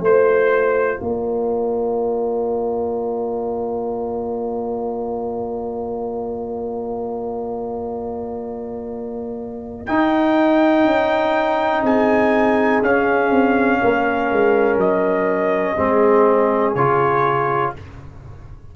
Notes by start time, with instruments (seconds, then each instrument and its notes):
0.00 tuba A3, trombone F4, horn C5, trumpet C5
1.00 tuba A#3, horn A#4, trumpet D5
9.86 trombone D#4, tuba D#4, trumpet G5
10.84 tuba C#4
11.82 tuba C4, horn G#4, trumpet G#5
12.81 tuba C#4, trombone C#4, trumpet F5
13.31 tuba C4
13.82 tuba A#3, horn A#4
14.32 tuba G#3
14.77 tuba F#3, trumpet D#5
15.76 tuba G#3, trombone C4, horn G#4
16.75 tuba C#3, trombone F4, trumpet C#5